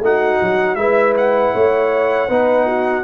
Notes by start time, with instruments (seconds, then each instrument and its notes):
0.00 tuba A3, trombone D#4, horn F#4, trumpet F#5
0.42 tuba F#3
0.75 tuba G#3, trombone E4, horn B4, trumpet E5
1.17 trumpet F#5
1.54 tuba A3, horn C#5
2.28 tuba B3, trombone D#4, horn B4
2.66 horn F#4